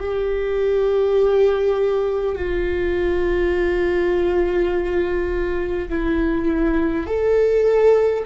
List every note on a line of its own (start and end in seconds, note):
0.00 2.35 G4
2.36 5.89 F4
5.89 7.07 E4
7.07 8.25 A4